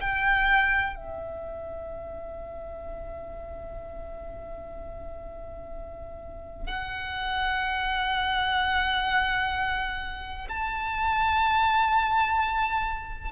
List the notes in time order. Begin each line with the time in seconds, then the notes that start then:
0.00 G5
0.95 E5
6.67 F#5
10.48 A5